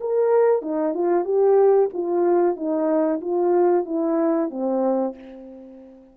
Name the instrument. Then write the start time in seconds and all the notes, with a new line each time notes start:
horn
0.00 A#4
0.62 D#4
0.94 F4
1.25 G4
1.93 F4
2.56 D#4
3.21 F4
3.85 E4
4.50 C4